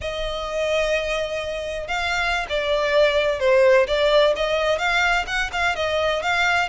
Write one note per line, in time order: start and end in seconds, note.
0.01 1.87 D#5
1.87 2.46 F5
2.49 3.39 D5
3.39 3.86 C5
3.87 4.34 D5
4.36 4.78 D#5
4.78 5.25 F5
5.26 5.50 F#5
5.52 5.75 F5
5.75 6.22 D#5
6.22 6.68 F5